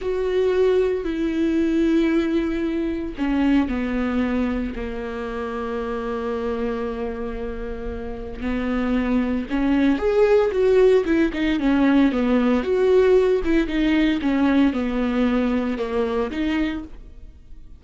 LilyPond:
\new Staff \with { instrumentName = "viola" } { \time 4/4 \tempo 4 = 114 fis'2 e'2~ | e'2 cis'4 b4~ | b4 ais2.~ | ais1 |
b2 cis'4 gis'4 | fis'4 e'8 dis'8 cis'4 b4 | fis'4. e'8 dis'4 cis'4 | b2 ais4 dis'4 | }